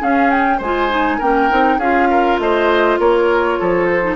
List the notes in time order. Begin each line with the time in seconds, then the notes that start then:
0.00 C#4 G#4 F5
0.30 G5
0.58 G#3 C5 G#5
0.64 F4
0.90 D#4
1.18 A#3 C#4 A#4 G5
1.50 C4 D#4
1.78 C#4 F4 G#4 F5
2.10 A#4
2.39 A3 C5 D#5
2.99 A#3 A#4 C#5
3.59 F3 A4
3.85 C5
4.02 D#4